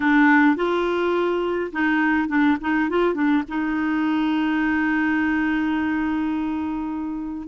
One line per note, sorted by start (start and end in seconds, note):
0.00 0.56 D4
0.56 1.71 F4
1.72 2.28 D#4
2.28 2.57 D4
2.60 2.89 D#4
2.89 3.14 F4
3.14 3.43 D4
3.48 7.48 D#4